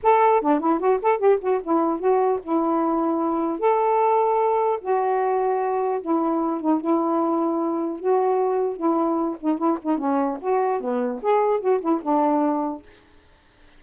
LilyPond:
\new Staff \with { instrumentName = "saxophone" } { \time 4/4 \tempo 4 = 150 a'4 d'8 e'8 fis'8 a'8 g'8 fis'8 | e'4 fis'4 e'2~ | e'4 a'2. | fis'2. e'4~ |
e'8 dis'8 e'2. | fis'2 e'4. dis'8 | e'8 dis'8 cis'4 fis'4 b4 | gis'4 fis'8 e'8 d'2 | }